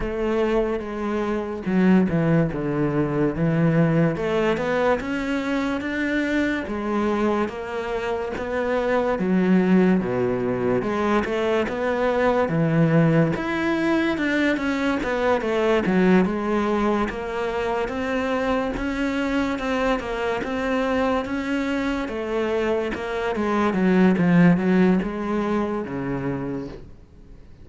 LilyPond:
\new Staff \with { instrumentName = "cello" } { \time 4/4 \tempo 4 = 72 a4 gis4 fis8 e8 d4 | e4 a8 b8 cis'4 d'4 | gis4 ais4 b4 fis4 | b,4 gis8 a8 b4 e4 |
e'4 d'8 cis'8 b8 a8 fis8 gis8~ | gis8 ais4 c'4 cis'4 c'8 | ais8 c'4 cis'4 a4 ais8 | gis8 fis8 f8 fis8 gis4 cis4 | }